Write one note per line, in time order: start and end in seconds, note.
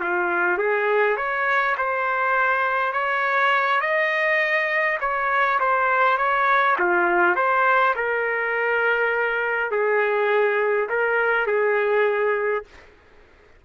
0.00 0.58 F4
0.58 1.17 G#4
1.17 1.76 C#5
1.78 2.93 C5
2.93 3.81 C#5
3.81 4.99 D#5
5.01 5.59 C#5
5.60 6.18 C5
6.18 6.77 C#5
6.79 7.36 F4
7.36 7.95 C5
7.96 9.71 A#4
9.71 10.89 G#4
10.90 11.47 A#4
11.47 12.65 G#4